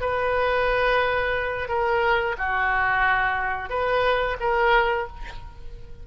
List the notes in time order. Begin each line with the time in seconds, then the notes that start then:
0.00 B4
1.68 A#4
2.38 F#4
3.69 B4
4.40 A#4